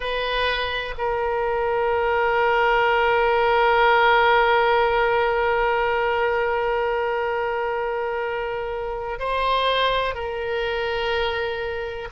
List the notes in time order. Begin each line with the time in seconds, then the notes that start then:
0.00 B4
0.98 A#4
9.19 C5
10.14 A#4